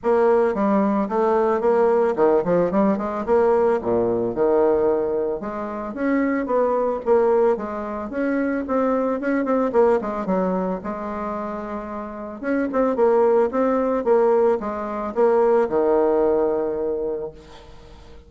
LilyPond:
\new Staff \with { instrumentName = "bassoon" } { \time 4/4 \tempo 4 = 111 ais4 g4 a4 ais4 | dis8 f8 g8 gis8 ais4 ais,4 | dis2 gis4 cis'4 | b4 ais4 gis4 cis'4 |
c'4 cis'8 c'8 ais8 gis8 fis4 | gis2. cis'8 c'8 | ais4 c'4 ais4 gis4 | ais4 dis2. | }